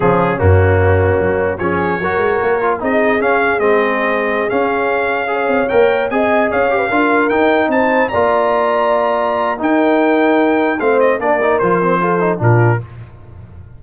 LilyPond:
<<
  \new Staff \with { instrumentName = "trumpet" } { \time 4/4 \tempo 4 = 150 gis'4 fis'2. | cis''2. dis''4 | f''4 dis''2~ dis''16 f''8.~ | f''2~ f''16 g''4 gis''8.~ |
gis''16 f''2 g''4 a''8.~ | a''16 ais''2.~ ais''8. | g''2. f''8 dis''8 | d''4 c''2 ais'4 | }
  \new Staff \with { instrumentName = "horn" } { \time 4/4 cis'1 | gis'4 ais'2 gis'4~ | gis'1~ | gis'4~ gis'16 cis''2 dis''8.~ |
dis''16 cis''8. b'16 ais'2 c''8.~ | c''16 d''2.~ d''8. | ais'2. c''4 | ais'2 a'4 f'4 | }
  \new Staff \with { instrumentName = "trombone" } { \time 4/4 f4 ais2. | cis'4 fis'4. f'8 dis'4 | cis'4 c'2~ c'16 cis'8.~ | cis'4~ cis'16 gis'4 ais'4 gis'8.~ |
gis'8. g'8 f'4 dis'4.~ dis'16~ | dis'16 f'2.~ f'8. | dis'2. c'4 | d'8 dis'8 f'8 c'8 f'8 dis'8 d'4 | }
  \new Staff \with { instrumentName = "tuba" } { \time 4/4 cis4 fis,2 fis4 | f4 fis8 gis8 ais4 c'4 | cis'4 gis2~ gis16 cis'8.~ | cis'4.~ cis'16 c'8 ais4 c'8.~ |
c'16 cis'4 d'4 dis'4 c'8.~ | c'16 ais2.~ ais8. | dis'2. a4 | ais4 f2 ais,4 | }
>>